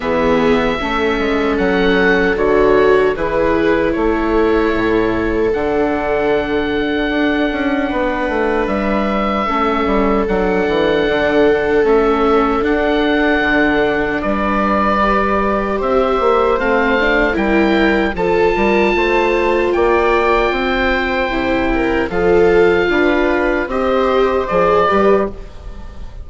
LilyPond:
<<
  \new Staff \with { instrumentName = "oboe" } { \time 4/4 \tempo 4 = 76 e''2 fis''4 cis''4 | b'4 cis''2 fis''4~ | fis''2. e''4~ | e''4 fis''2 e''4 |
fis''2 d''2 | e''4 f''4 g''4 a''4~ | a''4 g''2. | f''2 dis''4 d''4 | }
  \new Staff \with { instrumentName = "viola" } { \time 4/4 gis'4 a'2. | gis'4 a'2.~ | a'2 b'2 | a'1~ |
a'2 b'2 | c''2 ais'4 a'8 ais'8 | c''4 d''4 c''4. ais'8 | a'4 b'4 c''4. b'8 | }
  \new Staff \with { instrumentName = "viola" } { \time 4/4 b4 cis'2 fis'4 | e'2. d'4~ | d'1 | cis'4 d'2 cis'4 |
d'2. g'4~ | g'4 c'8 d'8 e'4 f'4~ | f'2. e'4 | f'2 g'4 gis'8 g'8 | }
  \new Staff \with { instrumentName = "bassoon" } { \time 4/4 e4 a8 gis8 fis4 d4 | e4 a4 a,4 d4~ | d4 d'8 cis'8 b8 a8 g4 | a8 g8 fis8 e8 d4 a4 |
d'4 d4 g2 | c'8 ais8 a4 g4 f8 g8 | a4 ais4 c'4 c4 | f4 d'4 c'4 f8 g8 | }
>>